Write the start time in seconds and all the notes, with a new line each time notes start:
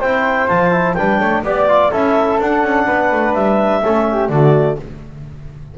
0.00 C4 E4 C5 G5
0.48 F3 F4 A5
0.72 E4
0.94 G3 D4 B4 G5
1.19 A3 C#5
1.44 B3 G4 D5
1.69 F4
1.92 C#4 E4 A4 E5
2.40 D4 F#5
2.63 C#4
2.86 B3 B4
3.12 A3
3.34 G3 E5
3.83 A3 C#4 A4
4.11 G4
4.29 D3 A3 F#4 D5